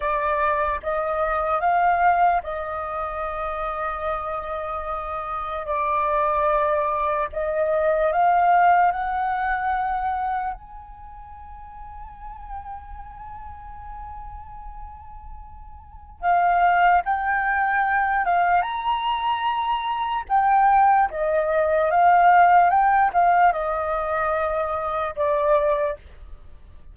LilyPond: \new Staff \with { instrumentName = "flute" } { \time 4/4 \tempo 4 = 74 d''4 dis''4 f''4 dis''4~ | dis''2. d''4~ | d''4 dis''4 f''4 fis''4~ | fis''4 gis''2.~ |
gis''1 | f''4 g''4. f''8 ais''4~ | ais''4 g''4 dis''4 f''4 | g''8 f''8 dis''2 d''4 | }